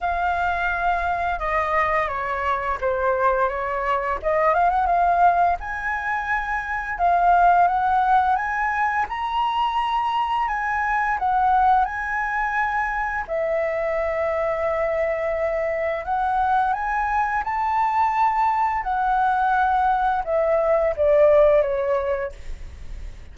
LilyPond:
\new Staff \with { instrumentName = "flute" } { \time 4/4 \tempo 4 = 86 f''2 dis''4 cis''4 | c''4 cis''4 dis''8 f''16 fis''16 f''4 | gis''2 f''4 fis''4 | gis''4 ais''2 gis''4 |
fis''4 gis''2 e''4~ | e''2. fis''4 | gis''4 a''2 fis''4~ | fis''4 e''4 d''4 cis''4 | }